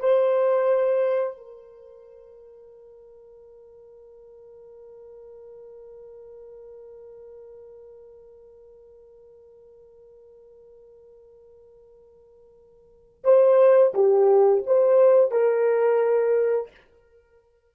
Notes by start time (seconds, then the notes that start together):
0.00 C5
1.38 A#4
13.25 C5
13.95 G4
14.67 C5
15.32 A#4